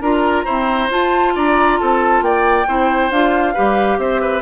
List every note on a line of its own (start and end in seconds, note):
0.00 0.44 D4
0.00 0.46 F4
0.00 0.45 A#4
0.00 0.90 A#5
0.45 0.90 C4
0.45 0.89 E4
0.45 1.33 C5
0.90 2.66 F4
0.90 1.35 F4
0.90 1.36 A5
1.35 1.79 D4
1.35 1.79 D5
1.35 1.79 A#5
1.79 2.21 C4
1.79 2.24 A4
1.79 2.23 A5
2.21 2.65 A#3
2.21 2.67 D5
2.21 3.11 G5
2.67 3.10 C4
2.67 3.11 E4
2.67 3.53 C5
3.10 3.55 D4
3.10 3.55 F4
3.10 3.98 F5
3.53 3.98 G3
3.53 4.42 G4
3.53 3.97 B4
3.98 4.42 C4
3.98 4.21 C5
3.98 4.42 E5
4.21 4.42 B4